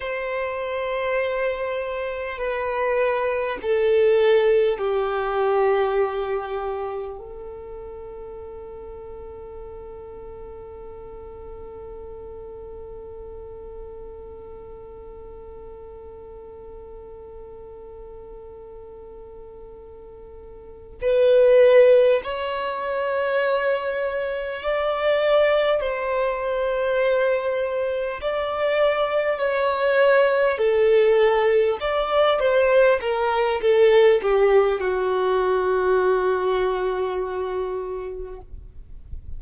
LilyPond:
\new Staff \with { instrumentName = "violin" } { \time 4/4 \tempo 4 = 50 c''2 b'4 a'4 | g'2 a'2~ | a'1~ | a'1~ |
a'4. b'4 cis''4.~ | cis''8 d''4 c''2 d''8~ | d''8 cis''4 a'4 d''8 c''8 ais'8 | a'8 g'8 fis'2. | }